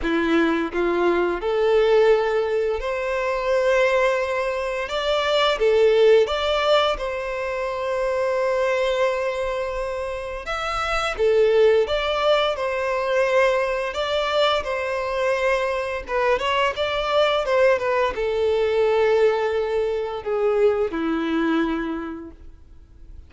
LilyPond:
\new Staff \with { instrumentName = "violin" } { \time 4/4 \tempo 4 = 86 e'4 f'4 a'2 | c''2. d''4 | a'4 d''4 c''2~ | c''2. e''4 |
a'4 d''4 c''2 | d''4 c''2 b'8 cis''8 | d''4 c''8 b'8 a'2~ | a'4 gis'4 e'2 | }